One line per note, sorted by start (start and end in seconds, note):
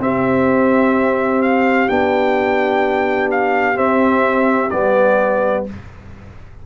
0.00 1.88 C4
0.00 5.65 G4
0.00 1.42 E5
1.42 1.89 F5
1.88 3.77 B3
1.88 3.75 D4
1.88 3.29 G5
3.31 3.77 F5
3.75 4.69 C4
3.75 4.71 C4
3.75 4.70 E5
4.70 5.66 G3
4.70 5.66 B3
4.70 5.64 D5